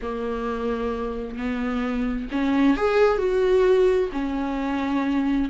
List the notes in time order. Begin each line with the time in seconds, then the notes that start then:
0.01 A#3
1.36 B3
2.31 C#4
2.76 G#4
3.18 F#4
4.12 C#4